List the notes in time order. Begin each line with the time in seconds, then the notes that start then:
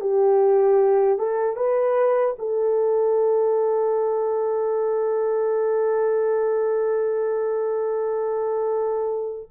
0.00 G4
1.18 A4
1.56 B4
2.38 A4